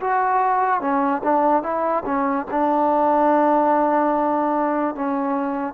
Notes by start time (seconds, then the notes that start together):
0.00 F#4
0.80 C#4
1.23 D4
1.62 E4
2.05 C#4
2.51 D4
4.95 C#4